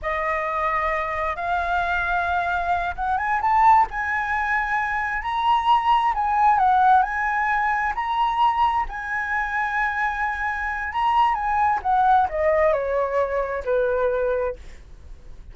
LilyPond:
\new Staff \with { instrumentName = "flute" } { \time 4/4 \tempo 4 = 132 dis''2. f''4~ | f''2~ f''8 fis''8 gis''8 a''8~ | a''8 gis''2. ais''8~ | ais''4. gis''4 fis''4 gis''8~ |
gis''4. ais''2 gis''8~ | gis''1 | ais''4 gis''4 fis''4 dis''4 | cis''2 b'2 | }